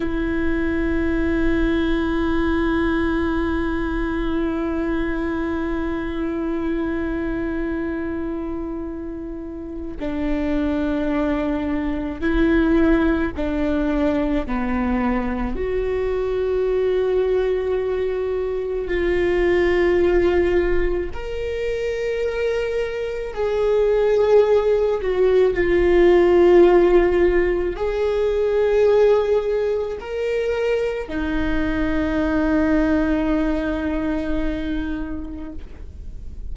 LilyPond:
\new Staff \with { instrumentName = "viola" } { \time 4/4 \tempo 4 = 54 e'1~ | e'1~ | e'4 d'2 e'4 | d'4 b4 fis'2~ |
fis'4 f'2 ais'4~ | ais'4 gis'4. fis'8 f'4~ | f'4 gis'2 ais'4 | dis'1 | }